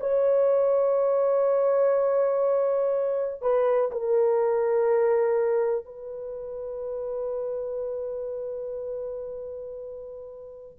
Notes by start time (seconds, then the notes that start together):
0.00 C#5
3.42 B4
3.91 A#4
5.85 B4